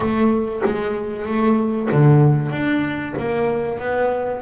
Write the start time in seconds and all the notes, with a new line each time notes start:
0.00 A3
0.65 G#3
1.25 A3
1.91 D3
2.51 D4
3.18 A#3
3.79 B3